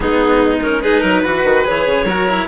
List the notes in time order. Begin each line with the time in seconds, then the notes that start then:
0.00 G#3 B3 D#4 G#4
0.61 C#4 A#4
0.82 D#4 G#4 B4
1.00 F#3 A#4
1.22 E3 F#4 B4
1.44 D#3
1.64 E3 G#4 C#5
1.86 C#3
2.04 F#3 F#4 A#4
2.28 E4